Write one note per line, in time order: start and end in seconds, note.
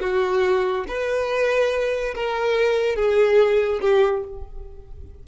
0.00 0.85 F#4
0.88 2.14 B4
2.15 2.95 A#4
2.95 3.80 G#4
3.81 4.23 G4